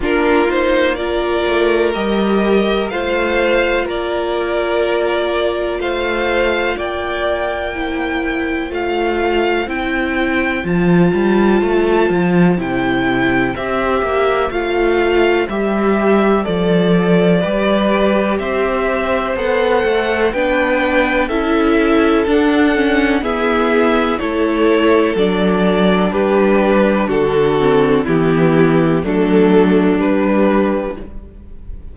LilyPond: <<
  \new Staff \with { instrumentName = "violin" } { \time 4/4 \tempo 4 = 62 ais'8 c''8 d''4 dis''4 f''4 | d''2 f''4 g''4~ | g''4 f''4 g''4 a''4~ | a''4 g''4 e''4 f''4 |
e''4 d''2 e''4 | fis''4 g''4 e''4 fis''4 | e''4 cis''4 d''4 b'4 | a'4 g'4 a'4 b'4 | }
  \new Staff \with { instrumentName = "violin" } { \time 4/4 f'4 ais'2 c''4 | ais'2 c''4 d''4 | c''1~ | c''1~ |
c''2 b'4 c''4~ | c''4 b'4 a'2 | gis'4 a'2 g'4 | fis'4 e'4 d'2 | }
  \new Staff \with { instrumentName = "viola" } { \time 4/4 d'8 dis'8 f'4 g'4 f'4~ | f'1 | e'4 f'4 e'4 f'4~ | f'4 e'4 g'4 f'4 |
g'4 a'4 g'2 | a'4 d'4 e'4 d'8 cis'8 | b4 e'4 d'2~ | d'8 c'8 b4 a4 g4 | }
  \new Staff \with { instrumentName = "cello" } { \time 4/4 ais4. a8 g4 a4 | ais2 a4 ais4~ | ais4 a4 c'4 f8 g8 | a8 f8 c4 c'8 ais8 a4 |
g4 f4 g4 c'4 | b8 a8 b4 cis'4 d'4 | e'4 a4 fis4 g4 | d4 e4 fis4 g4 | }
>>